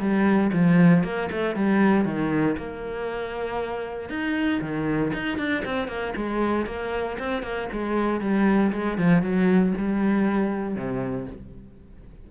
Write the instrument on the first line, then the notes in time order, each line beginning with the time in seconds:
cello
0.00 G3
0.53 F3
1.04 A#3
1.31 A3
1.55 G3
2.05 D#3
2.58 A#3
4.09 D#4
4.61 D#3
5.14 D#4
5.38 D4
5.65 C4
5.88 A#3
6.16 G#3
6.66 A#3
7.19 C4
7.42 A#3
7.72 G#3
8.21 G3
8.72 G#3
8.98 F3
9.22 F#3
9.78 G3
10.75 C3